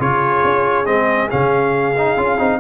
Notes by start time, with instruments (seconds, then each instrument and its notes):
0.00 tuba C#3, trombone F4, horn G#4, trumpet C#5
0.44 tuba C#4
0.86 tuba G#3, trombone C4, trumpet D#5
1.30 tuba C#3, trombone C#4, trumpet F5
1.98 trombone D#4
2.17 tuba C#4, trombone F4
2.39 tuba C4, trombone D#4